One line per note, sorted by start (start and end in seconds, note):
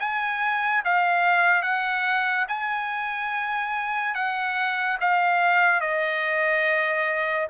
0.00 0.83 G#5
0.85 1.62 F5
1.62 2.46 F#5
2.48 4.15 G#5
4.15 4.98 F#5
5.01 5.81 F5
5.81 7.47 D#5